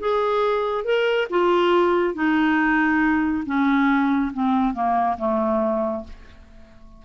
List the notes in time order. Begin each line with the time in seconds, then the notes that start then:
0.00 G#4
0.85 A#4
1.30 F4
2.15 D#4
3.46 C#4
4.34 C4
4.74 A#3
5.18 A3